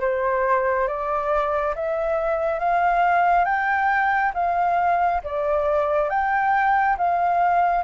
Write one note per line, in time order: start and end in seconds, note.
0.00 0.87 C5
0.87 1.74 D5
1.75 2.58 E5
2.58 3.45 F5
3.45 4.32 G5
4.34 5.21 F5
5.23 6.09 D5
6.09 6.96 G5
6.97 7.83 F5